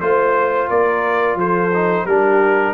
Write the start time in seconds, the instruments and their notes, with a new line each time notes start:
0.00 tuba A3, trombone F4, trumpet C5, horn C5
0.69 tuba A#3, horn A#4, trumpet D5
1.35 tuba F3, horn A4, trumpet C5
1.73 trombone D#4
2.06 tuba G3, trombone D4, horn G4, trumpet A#4